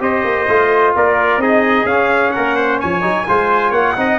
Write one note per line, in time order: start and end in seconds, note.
0.00 0.24 C4
0.00 0.47 G4
0.00 0.96 C5
0.00 0.95 D#5
0.24 0.48 A#3
0.49 0.95 A3
0.49 1.41 F4
0.96 1.37 A#3
0.96 1.43 A#4
0.96 1.41 D5
1.37 1.84 C4
1.37 1.87 D#4
1.37 2.34 G#4
1.37 1.87 D#5
1.85 2.31 C#4
1.85 3.01 C#4
1.85 2.31 F5
2.31 2.83 A#3
2.31 2.56 A#4
2.31 2.78 F#5
2.56 2.79 C5
2.80 3.03 F3
2.80 3.26 C#5
2.80 3.73 G#5
3.01 3.27 F#3
3.01 3.24 D#4
3.28 3.71 G#3
3.28 3.97 F4
3.28 3.70 C5
3.70 3.94 A#3
3.70 3.93 C#5
3.70 4.19 F#5
3.97 4.19 C4
3.97 4.19 D#4
3.97 4.19 D#5